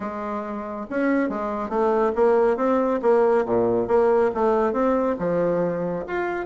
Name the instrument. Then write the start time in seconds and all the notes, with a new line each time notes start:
bassoon
0.00 G#3
0.90 C#4
1.29 G#3
1.69 A3
2.15 A#3
2.57 C4
3.02 A#3
3.45 A#2
3.87 A#3
4.34 A3
4.72 C4
5.19 F3
6.07 F4